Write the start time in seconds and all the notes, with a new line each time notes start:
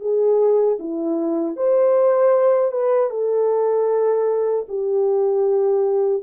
0.00 G#4
0.79 E4
1.57 C5
2.72 B4
3.10 A4
4.68 G4